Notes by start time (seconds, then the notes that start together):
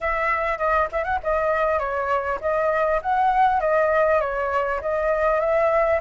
0.01 E5
0.58 D#5
0.92 E5
1.04 F#5
1.23 D#5
1.79 C#5
2.40 D#5
3.02 F#5
3.60 D#5
4.20 C#5
4.81 D#5
5.40 E5